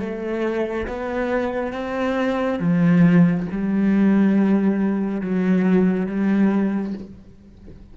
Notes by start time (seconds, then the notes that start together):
0.00 A3
0.87 B3
1.73 C4
2.60 F3
3.51 G3
5.21 F#3
6.06 G3